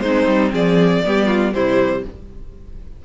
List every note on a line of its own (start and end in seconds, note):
0.00 0.27 G#3
0.00 1.04 C4
0.00 0.53 D#4
0.00 0.50 C5
0.27 0.52 G3
0.53 1.03 F3
0.53 1.03 G#4
0.53 1.53 D5
1.04 1.54 G3
1.04 1.53 B3
1.04 1.26 G4
1.26 1.51 F4
1.53 2.04 C3
1.53 2.03 G3
1.53 2.05 E4
1.53 2.03 C5